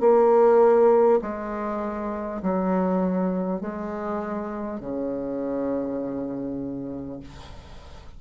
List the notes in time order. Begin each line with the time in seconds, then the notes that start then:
0.00 A#3
1.22 G#3
2.43 F#3
3.61 G#3
4.81 C#3